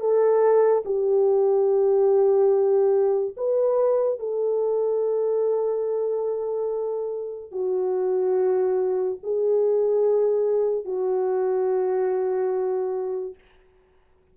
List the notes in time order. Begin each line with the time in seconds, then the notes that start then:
0.00 A4
0.85 G4
3.37 B4
4.19 A4
7.52 F#4
9.23 G#4
10.85 F#4